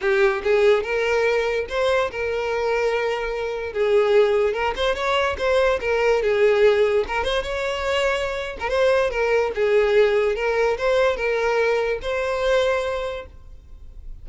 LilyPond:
\new Staff \with { instrumentName = "violin" } { \time 4/4 \tempo 4 = 145 g'4 gis'4 ais'2 | c''4 ais'2.~ | ais'4 gis'2 ais'8 c''8 | cis''4 c''4 ais'4 gis'4~ |
gis'4 ais'8 c''8 cis''2~ | cis''8. ais'16 c''4 ais'4 gis'4~ | gis'4 ais'4 c''4 ais'4~ | ais'4 c''2. | }